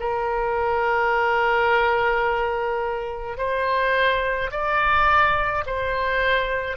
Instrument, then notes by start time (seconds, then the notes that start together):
oboe
0.00 A#4
3.38 C5
4.51 D5
5.66 C5